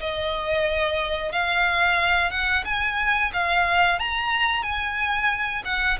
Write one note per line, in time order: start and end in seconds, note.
0.00 1.32 D#5
1.32 2.31 F5
2.31 2.64 F#5
2.65 3.32 G#5
3.33 3.99 F5
3.99 4.63 A#5
4.63 5.63 G#5
5.65 5.98 F#5